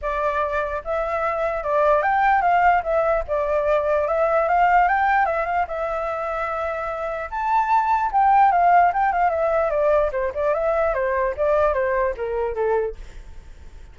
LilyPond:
\new Staff \with { instrumentName = "flute" } { \time 4/4 \tempo 4 = 148 d''2 e''2 | d''4 g''4 f''4 e''4 | d''2 e''4 f''4 | g''4 e''8 f''8 e''2~ |
e''2 a''2 | g''4 f''4 g''8 f''8 e''4 | d''4 c''8 d''8 e''4 c''4 | d''4 c''4 ais'4 a'4 | }